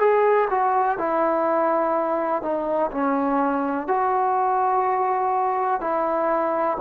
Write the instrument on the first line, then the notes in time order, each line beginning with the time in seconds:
trombone
0.00 G#4
0.50 F#4
0.98 E4
2.42 D#4
2.92 C#4
3.88 F#4
5.81 E4